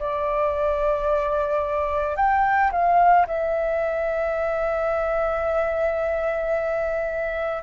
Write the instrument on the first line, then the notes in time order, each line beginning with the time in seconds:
flute
0.00 D5
2.17 G5
2.72 F5
3.27 E5